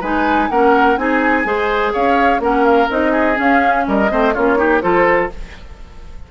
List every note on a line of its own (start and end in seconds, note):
0.00 0.49 G#3
0.00 0.50 D#4
0.00 0.48 B4
0.00 0.49 G#5
0.49 0.97 A#3
0.49 0.97 C#4
0.49 0.99 A#4
0.49 0.97 F#5
0.97 1.44 C4
0.97 1.44 D#4
0.97 1.47 G#4
0.97 1.93 G#5
1.44 1.92 G#3
1.44 2.40 G#4
1.44 1.92 C5
1.92 2.39 C#4
1.92 2.40 C#5
1.92 2.41 F5
2.39 2.87 A#3
2.39 2.89 C#4
2.39 3.11 A#4
2.39 2.64 F#5
2.64 2.88 F5
2.89 3.38 C4
2.89 3.35 D#4
2.89 3.38 D#5
3.11 3.83 G#4
3.35 4.07 C#4
3.35 3.87 C#4
3.35 3.87 F5
3.87 4.11 G3
3.87 4.11 A#4
3.87 4.33 D#5
4.09 4.36 A3
4.09 4.33 C4
4.09 4.33 C5
4.33 4.83 A#3
4.33 4.56 C#4
4.33 4.58 F4
4.33 4.81 C#5
4.56 4.80 D#4
4.56 4.82 G4
4.81 5.31 F3
4.81 5.29 F4
4.81 5.31 A4
4.81 5.29 C5